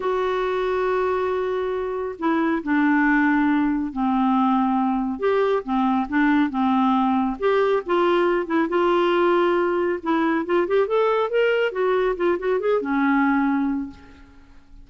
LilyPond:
\new Staff \with { instrumentName = "clarinet" } { \time 4/4 \tempo 4 = 138 fis'1~ | fis'4 e'4 d'2~ | d'4 c'2. | g'4 c'4 d'4 c'4~ |
c'4 g'4 f'4. e'8 | f'2. e'4 | f'8 g'8 a'4 ais'4 fis'4 | f'8 fis'8 gis'8 cis'2~ cis'8 | }